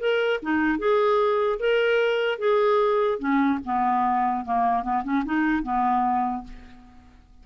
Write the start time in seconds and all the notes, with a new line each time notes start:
0.00 A#4
0.42 D#4
0.79 G#4
1.59 A#4
2.39 G#4
3.19 C#4
3.65 B3
4.45 A#3
4.83 B3
5.04 C#4
5.25 D#4
5.63 B3